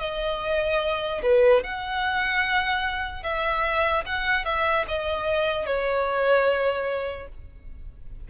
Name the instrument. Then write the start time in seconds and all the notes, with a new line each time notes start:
violin
0.00 D#5
1.23 B4
1.64 F#5
3.23 E5
4.06 F#5
4.45 E5
4.88 D#5
5.66 C#5